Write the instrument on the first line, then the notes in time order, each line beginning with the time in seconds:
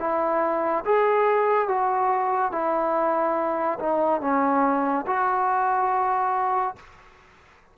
trombone
0.00 E4
0.86 G#4
1.69 F#4
2.52 E4
3.80 D#4
4.21 C#4
5.07 F#4